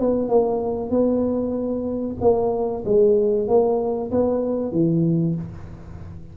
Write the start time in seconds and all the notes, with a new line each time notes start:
0.00 B3
0.29 A#3
0.90 B3
2.21 A#3
2.85 G#3
3.48 A#3
4.11 B3
4.72 E3